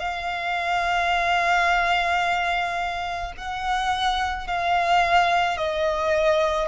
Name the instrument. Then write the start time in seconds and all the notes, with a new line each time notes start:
violin
0.00 F5
3.37 F#5
4.48 F5
5.58 D#5